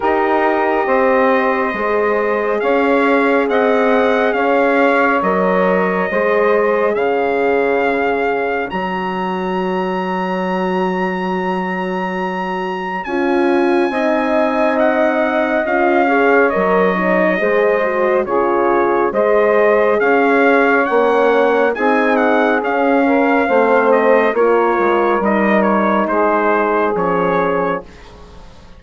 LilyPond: <<
  \new Staff \with { instrumentName = "trumpet" } { \time 4/4 \tempo 4 = 69 dis''2. f''4 | fis''4 f''4 dis''2 | f''2 ais''2~ | ais''2. gis''4~ |
gis''4 fis''4 f''4 dis''4~ | dis''4 cis''4 dis''4 f''4 | fis''4 gis''8 fis''8 f''4. dis''8 | cis''4 dis''8 cis''8 c''4 cis''4 | }
  \new Staff \with { instrumentName = "saxophone" } { \time 4/4 ais'4 c''2 cis''4 | dis''4 cis''2 c''4 | cis''1~ | cis''1 |
dis''2~ dis''8 cis''4. | c''4 gis'4 c''4 cis''4~ | cis''4 gis'4. ais'8 c''4 | ais'2 gis'2 | }
  \new Staff \with { instrumentName = "horn" } { \time 4/4 g'2 gis'2~ | gis'2 ais'4 gis'4~ | gis'2 fis'2~ | fis'2. f'4 |
dis'2 f'8 gis'8 ais'8 dis'8 | gis'8 fis'8 f'4 gis'2 | cis'4 dis'4 cis'4 c'4 | f'4 dis'2 cis'4 | }
  \new Staff \with { instrumentName = "bassoon" } { \time 4/4 dis'4 c'4 gis4 cis'4 | c'4 cis'4 fis4 gis4 | cis2 fis2~ | fis2. cis'4 |
c'2 cis'4 fis4 | gis4 cis4 gis4 cis'4 | ais4 c'4 cis'4 a4 | ais8 gis8 g4 gis4 f4 | }
>>